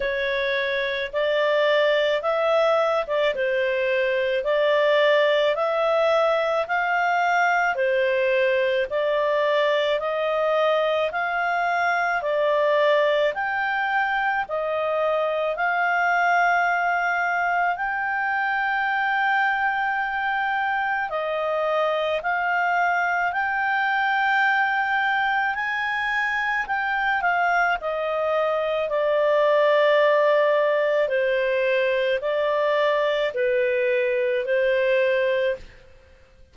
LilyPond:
\new Staff \with { instrumentName = "clarinet" } { \time 4/4 \tempo 4 = 54 cis''4 d''4 e''8. d''16 c''4 | d''4 e''4 f''4 c''4 | d''4 dis''4 f''4 d''4 | g''4 dis''4 f''2 |
g''2. dis''4 | f''4 g''2 gis''4 | g''8 f''8 dis''4 d''2 | c''4 d''4 b'4 c''4 | }